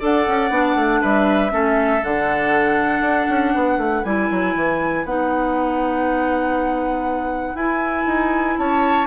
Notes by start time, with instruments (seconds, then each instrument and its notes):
0.00 bassoon D4, clarinet A4, oboe D5, flute F#5
0.28 bassoon C#4
0.50 bassoon B3, clarinet D4
0.76 bassoon A3
1.02 bassoon G3, oboe B4, flute E5
1.50 bassoon A3, clarinet C#4, oboe A4
2.04 bassoon D3, clarinet D4, flute F#5
3.01 bassoon D4
3.29 bassoon C#4
3.54 bassoon B3, oboe B4
3.78 bassoon A3
4.04 bassoon G3, clarinet E4, flute G#5
4.31 bassoon F#3
4.56 bassoon E3
5.05 bassoon B3, clarinet D#4, flute F#5
7.55 bassoon E4, clarinet E4, flute G#5
8.06 bassoon D#4
8.58 bassoon C#4, oboe C#5, flute A5